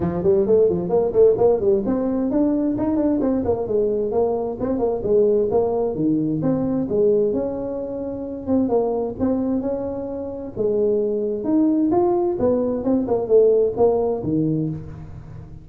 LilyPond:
\new Staff \with { instrumentName = "tuba" } { \time 4/4 \tempo 4 = 131 f8 g8 a8 f8 ais8 a8 ais8 g8 | c'4 d'4 dis'8 d'8 c'8 ais8 | gis4 ais4 c'8 ais8 gis4 | ais4 dis4 c'4 gis4 |
cis'2~ cis'8 c'8 ais4 | c'4 cis'2 gis4~ | gis4 dis'4 f'4 b4 | c'8 ais8 a4 ais4 dis4 | }